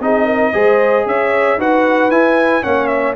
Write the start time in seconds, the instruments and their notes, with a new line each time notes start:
0.00 tuba C4, trombone D#4, horn G#4, trumpet D#5
0.26 horn A#4
0.53 tuba G#3, trombone G#4, horn C5
1.06 tuba C#4, horn C#5, trumpet E5
1.58 tuba D#4, trombone F#4, horn B4, trumpet F#5
2.10 tuba E4, trombone E4, trumpet G#5
2.62 tuba A#3, trombone C#4, horn C#5, trumpet F#5
2.87 trumpet E5